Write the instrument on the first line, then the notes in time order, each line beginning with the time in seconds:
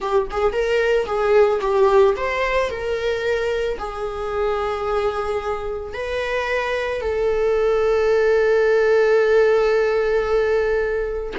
viola
0.00 G4
0.30 G#4
0.52 A#4
1.06 G#4
1.60 G4
2.16 C5
2.70 A#4
3.78 G#4
5.93 B4
7.01 A4